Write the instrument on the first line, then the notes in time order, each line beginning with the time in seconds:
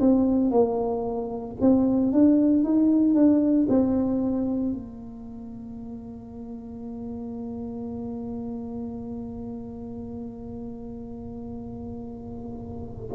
tuba
0.00 C4
0.51 A#3
1.61 C4
2.12 D4
2.64 D#4
3.14 D4
3.69 C4
4.73 A#3